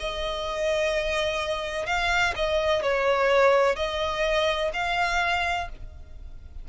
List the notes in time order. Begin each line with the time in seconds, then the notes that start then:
0.00 D#5
1.86 F5
2.36 D#5
2.82 C#5
3.76 D#5
4.74 F5